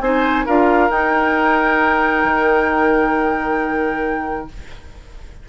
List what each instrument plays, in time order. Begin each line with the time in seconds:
0.00 bassoon C4, clarinet D#4, oboe C5, flute G#5
0.45 bassoon D4, clarinet F4, oboe A#4, flute F5
0.89 bassoon D#4, clarinet D#4, flute G5
2.24 bassoon D#3